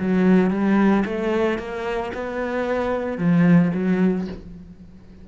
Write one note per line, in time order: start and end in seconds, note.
0.00 0.51 F#3
0.51 1.04 G3
1.06 1.59 A3
1.59 2.12 A#3
2.15 3.18 B3
3.18 3.72 F3
3.74 4.28 F#3